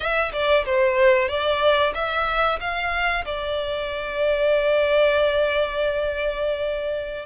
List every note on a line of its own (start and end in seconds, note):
0.00 0.31 E5
0.32 0.64 D5
0.65 1.28 C5
1.28 1.93 D5
1.94 2.59 E5
2.60 3.24 F5
3.25 7.25 D5